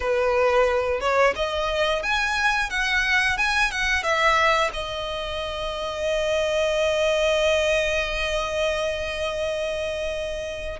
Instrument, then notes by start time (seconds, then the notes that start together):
violin
0.00 B4
1.00 C#5
1.35 D#5
2.02 G#5
2.70 F#5
3.37 G#5
3.71 F#5
4.03 E5
4.73 D#5